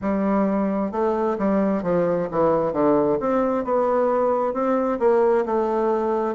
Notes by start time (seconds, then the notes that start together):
0.01 G3
0.91 A3
1.38 G3
1.82 F3
2.31 E3
2.73 D3
3.20 C4
3.64 B3
4.53 C4
4.99 A#3
5.45 A3